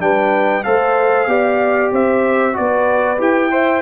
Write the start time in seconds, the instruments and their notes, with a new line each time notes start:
0.00 tuba G3, trombone D4, horn B4, trumpet G5
0.64 tuba A3, trombone A4, horn C5, trumpet F5
1.27 tuba B3, trombone G4, horn D5
1.92 tuba C4, horn C5, trumpet E5
2.54 tuba B3, trombone F#4, horn B4, trumpet D5
3.18 tuba E4, trombone G4, trumpet G5
3.52 trombone C5, horn E5